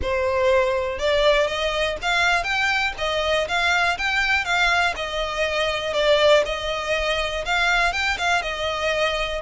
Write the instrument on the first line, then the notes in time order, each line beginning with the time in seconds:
violin
0.02 C5
0.98 D5
1.47 D#5
2.02 F5
2.43 G5
2.98 D#5
3.48 F5
3.98 G5
4.44 F5
4.95 D#5
5.93 D5
6.45 D#5
7.45 F5
7.92 G5
8.18 F5
8.42 D#5